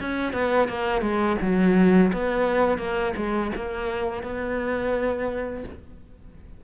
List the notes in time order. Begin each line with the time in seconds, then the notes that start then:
0.00 C#4
0.32 B3
0.68 A#3
1.01 G#3
1.41 F#3
2.12 B3
2.78 A#3
3.16 G#3
3.55 A#3
4.23 B3